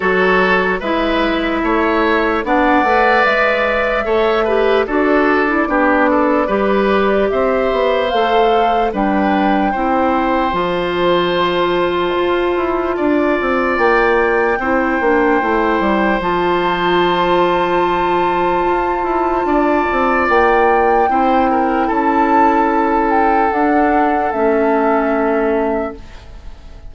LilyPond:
<<
  \new Staff \with { instrumentName = "flute" } { \time 4/4 \tempo 4 = 74 cis''4 e''2 fis''4 | e''2 d''2~ | d''4 e''4 f''4 g''4~ | g''4 a''2.~ |
a''4 g''2. | a''1~ | a''4 g''2 a''4~ | a''8 g''8 fis''4 e''2 | }
  \new Staff \with { instrumentName = "oboe" } { \time 4/4 a'4 b'4 cis''4 d''4~ | d''4 cis''8 b'8 a'4 g'8 a'8 | b'4 c''2 b'4 | c''1 |
d''2 c''2~ | c''1 | d''2 c''8 ais'8 a'4~ | a'1 | }
  \new Staff \with { instrumentName = "clarinet" } { \time 4/4 fis'4 e'2 d'8 b'8~ | b'4 a'8 g'8 fis'8. e'16 d'4 | g'2 a'4 d'4 | e'4 f'2.~ |
f'2 e'8 d'8 e'4 | f'1~ | f'2 e'2~ | e'4 d'4 cis'2 | }
  \new Staff \with { instrumentName = "bassoon" } { \time 4/4 fis4 gis4 a4 b8 a8 | gis4 a4 d'4 b4 | g4 c'8 b8 a4 g4 | c'4 f2 f'8 e'8 |
d'8 c'8 ais4 c'8 ais8 a8 g8 | f2. f'8 e'8 | d'8 c'8 ais4 c'4 cis'4~ | cis'4 d'4 a2 | }
>>